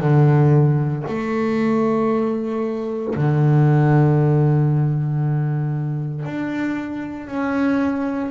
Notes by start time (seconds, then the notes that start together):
0.00 D3
1.08 A3
3.15 D3
6.25 D4
7.27 C#4